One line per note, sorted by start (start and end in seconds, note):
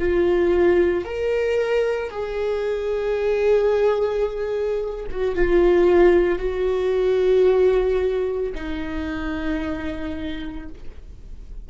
0.00 1.05 F4
1.05 2.11 A#4
2.11 5.06 G#4
5.11 5.36 F#4
5.36 6.39 F4
6.39 8.53 F#4
8.55 10.69 D#4